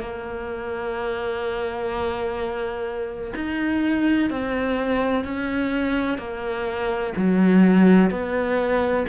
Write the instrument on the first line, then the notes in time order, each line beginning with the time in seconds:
cello
0.00 A#3
3.35 D#4
4.30 C4
5.24 C#4
6.18 A#3
7.16 F#3
8.10 B3